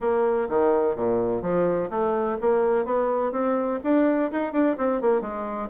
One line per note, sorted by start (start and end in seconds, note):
0.00 0.48 A#3
0.49 0.95 D#3
0.95 1.42 A#2
1.42 1.89 F3
1.90 2.37 A3
2.40 2.85 A#3
2.85 3.32 B3
3.32 3.79 C4
3.83 4.31 D4
4.31 4.52 D#4
4.52 4.76 D4
4.77 5.01 C4
5.01 5.21 A#3
5.21 5.68 G#3